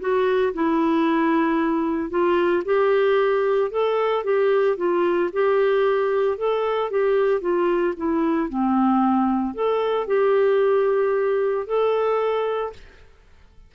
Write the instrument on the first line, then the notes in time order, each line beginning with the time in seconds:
clarinet
0.00 F#4
0.54 E4
2.10 F4
2.65 G4
3.71 A4
4.24 G4
4.77 F4
5.33 G4
6.37 A4
6.90 G4
7.41 F4
7.97 E4
8.49 C4
9.54 A4
10.07 G4
11.67 A4